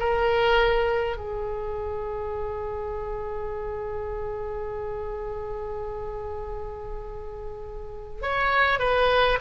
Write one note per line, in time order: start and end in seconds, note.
0.00 1.17 A#4
1.17 8.22 G#4
8.22 8.80 C#5
8.80 9.39 B4